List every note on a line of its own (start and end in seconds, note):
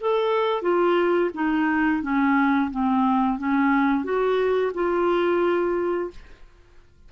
0.00 0.62 A4
0.62 1.30 F4
1.34 2.02 D#4
2.02 2.70 C#4
2.71 3.38 C4
3.38 4.04 C#4
4.04 4.72 F#4
4.74 6.10 F4